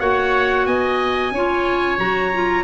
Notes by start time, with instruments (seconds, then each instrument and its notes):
0.00 tuba A#3, clarinet F#4, oboe C#5, trumpet F#5
0.67 tuba B3, oboe D#5, trumpet G#5
1.32 tuba C#4, clarinet F4, oboe C#5
1.99 tuba F#3, clarinet F#4, trumpet A#5
2.34 clarinet F4